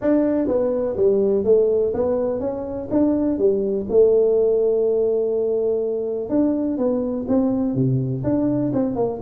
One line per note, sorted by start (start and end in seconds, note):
0.01 0.47 D4
0.47 0.96 B3
0.96 1.44 G3
1.44 1.92 A3
1.93 2.40 B3
2.40 2.88 C#4
2.90 3.38 D4
3.38 3.86 G3
3.89 6.29 A3
6.29 6.77 D4
6.77 7.26 B3
7.27 7.74 C4
7.74 8.23 C3
8.23 8.72 D4
8.73 8.95 C4
8.95 9.19 A#3